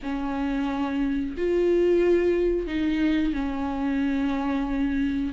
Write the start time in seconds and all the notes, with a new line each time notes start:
0.02 C#4
1.37 F4
2.66 D#4
3.33 C#4